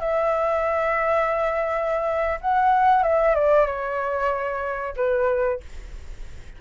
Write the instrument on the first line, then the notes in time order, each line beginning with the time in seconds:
flute
0.00 E5
2.41 F#5
3.03 E5
3.35 D5
3.66 C#5
4.96 B4